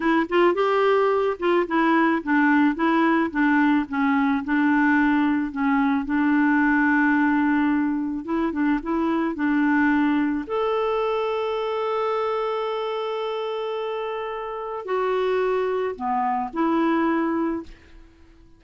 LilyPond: \new Staff \with { instrumentName = "clarinet" } { \time 4/4 \tempo 4 = 109 e'8 f'8 g'4. f'8 e'4 | d'4 e'4 d'4 cis'4 | d'2 cis'4 d'4~ | d'2. e'8 d'8 |
e'4 d'2 a'4~ | a'1~ | a'2. fis'4~ | fis'4 b4 e'2 | }